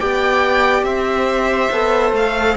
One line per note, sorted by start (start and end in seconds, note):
0.00 0.83 B3
0.00 1.71 G4
0.00 0.86 D5
0.00 0.84 G5
0.83 1.69 C4
0.83 2.57 C5
0.83 2.13 E5
1.71 2.13 B3
1.71 2.57 A4
2.13 2.56 A3
2.13 2.57 F5